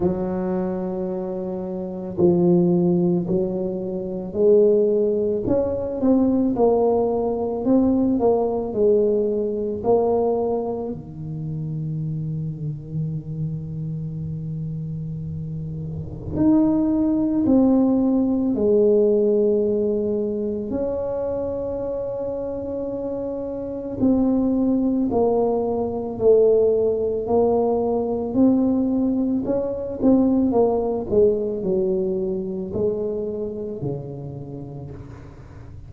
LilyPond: \new Staff \with { instrumentName = "tuba" } { \time 4/4 \tempo 4 = 55 fis2 f4 fis4 | gis4 cis'8 c'8 ais4 c'8 ais8 | gis4 ais4 dis2~ | dis2. dis'4 |
c'4 gis2 cis'4~ | cis'2 c'4 ais4 | a4 ais4 c'4 cis'8 c'8 | ais8 gis8 fis4 gis4 cis4 | }